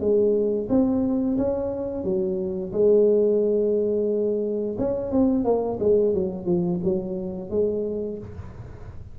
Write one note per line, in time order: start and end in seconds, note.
0.00 0.68 G#3
0.69 1.37 C4
1.38 2.04 C#4
2.04 2.72 F#3
2.72 4.77 G#3
4.79 5.11 C#4
5.11 5.44 C4
5.44 5.78 A#3
5.80 6.14 G#3
6.14 6.46 F#3
6.46 6.80 F3
6.84 7.50 F#3
7.50 8.18 G#3